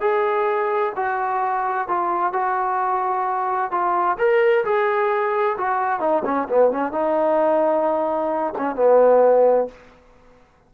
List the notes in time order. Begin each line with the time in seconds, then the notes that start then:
0.00 G#4
0.95 F#4
1.88 F4
2.32 F#4
3.71 F4
4.18 A#4
4.64 G#4
5.57 F#4
5.99 D#4
6.25 C#4
6.48 B3
6.71 C#4
6.92 D#4
8.58 C#4
8.75 B3